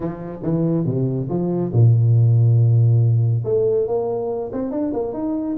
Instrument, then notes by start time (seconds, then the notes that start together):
tuba
0.00 F3
0.42 E3
0.85 C3
1.29 F3
1.72 A#2
3.44 A3
3.87 A#3
4.52 C4
4.71 D4
4.93 A#3
5.13 D#4